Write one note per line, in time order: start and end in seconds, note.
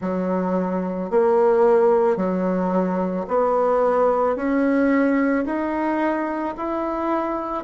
0.01 1.10 F#3
1.10 2.16 A#3
2.16 3.25 F#3
3.27 4.35 B3
4.35 5.44 C#4
5.45 6.55 D#4
6.57 7.64 E4